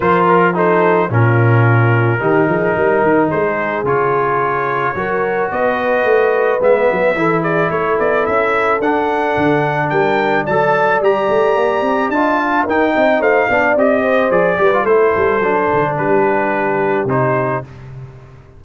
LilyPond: <<
  \new Staff \with { instrumentName = "trumpet" } { \time 4/4 \tempo 4 = 109 c''8 ais'8 c''4 ais'2~ | ais'2 c''4 cis''4~ | cis''2 dis''2 | e''4. d''8 cis''8 d''8 e''4 |
fis''2 g''4 a''4 | ais''2 a''4 g''4 | f''4 dis''4 d''4 c''4~ | c''4 b'2 c''4 | }
  \new Staff \with { instrumentName = "horn" } { \time 4/4 ais'4 a'4 f'2 | g'8 gis'8 ais'4 gis'2~ | gis'4 ais'4 b'2~ | b'4 a'8 gis'8 a'2~ |
a'2 ais'4 d''4~ | d''2 dis''8 f''8 ais'8 dis''8 | c''8 d''4 c''4 b'8 a'4~ | a'4 g'2. | }
  \new Staff \with { instrumentName = "trombone" } { \time 4/4 f'4 dis'4 cis'2 | dis'2. f'4~ | f'4 fis'2. | b4 e'2. |
d'2. a'4 | g'2 f'4 dis'4~ | dis'8 d'8 g'4 gis'8 g'16 f'16 e'4 | d'2. dis'4 | }
  \new Staff \with { instrumentName = "tuba" } { \time 4/4 f2 ais,2 | dis8 f8 g8 dis8 gis4 cis4~ | cis4 fis4 b4 a4 | gis8 fis8 e4 a8 b8 cis'4 |
d'4 d4 g4 fis4 | g8 a8 ais8 c'8 d'4 dis'8 c'8 | a8 b8 c'4 f8 g8 a8 g8 | fis8 d8 g2 c4 | }
>>